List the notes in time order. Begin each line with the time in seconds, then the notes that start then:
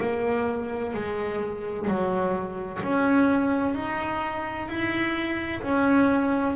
0.00 A#3
0.94 G#3
1.87 F#3
2.83 C#4
3.75 D#4
4.68 E4
5.62 C#4